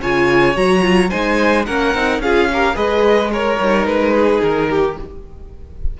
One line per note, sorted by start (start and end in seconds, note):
0.00 0.55 C#3
0.00 0.55 F4
0.00 1.09 C#5
0.00 0.56 G#5
0.55 1.10 F#3
0.55 0.81 F#4
0.55 1.10 A#5
0.81 1.08 F4
1.09 1.67 G#3
1.09 1.66 D#4
1.09 1.64 C5
1.09 1.65 G#5
1.65 1.94 A#3
1.65 1.95 C#4
1.65 2.21 A#4
1.65 2.20 F#5
1.94 2.19 C4
1.94 2.22 D#4
2.19 2.74 C#4
2.19 2.51 F4
2.19 2.50 G#4
2.19 2.76 F5
2.52 2.74 G4
2.52 2.75 A#4
2.74 3.58 G#3
2.74 3.29 G#4
2.74 3.30 B4
2.74 3.31 D#5
3.31 4.13 A#4
3.31 3.60 A#4
3.31 3.86 C#5
3.59 3.86 G3
3.59 4.99 D#4
3.86 4.41 G#3
3.86 4.41 B4
4.13 4.68 G#4
4.42 4.98 D#3
4.42 4.97 A#4
4.69 4.97 G4